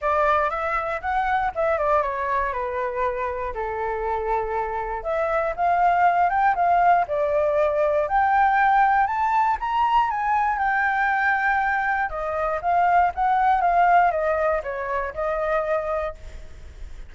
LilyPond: \new Staff \with { instrumentName = "flute" } { \time 4/4 \tempo 4 = 119 d''4 e''4 fis''4 e''8 d''8 | cis''4 b'2 a'4~ | a'2 e''4 f''4~ | f''8 g''8 f''4 d''2 |
g''2 a''4 ais''4 | gis''4 g''2. | dis''4 f''4 fis''4 f''4 | dis''4 cis''4 dis''2 | }